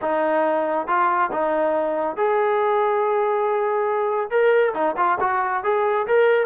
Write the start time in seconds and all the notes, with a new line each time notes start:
0.01 D#4
0.87 F4
1.31 D#4
2.16 G#4
4.30 A#4
4.74 D#4
4.97 F4
5.20 F#4
5.63 G#4
6.07 A#4